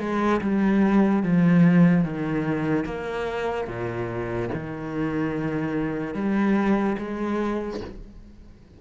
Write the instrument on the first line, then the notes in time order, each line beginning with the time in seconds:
cello
0.00 G#3
0.41 G3
1.24 F3
2.05 D#3
2.85 A#3
3.68 A#2
4.54 D#3
6.15 G3
6.99 G#3